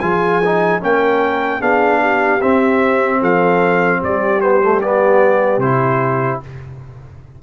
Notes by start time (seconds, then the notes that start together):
0.00 F3 F4 G#4 G#5
0.45 D#4
0.80 A#3 C#4 A#4 G5
1.60 B3 D4 G#4 F5
2.01 G4
2.41 C4 E5
3.20 F3 A4 F5
4.00 G3 G4 D5
4.41 B3 C5
4.61 A3
4.81 B3 D5
5.58 C3 E4 C5